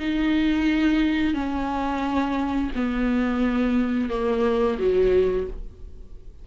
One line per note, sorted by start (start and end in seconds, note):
0.00 1.34 D#4
1.34 2.71 C#4
2.76 4.10 B3
4.10 4.79 A#3
4.79 5.48 F#3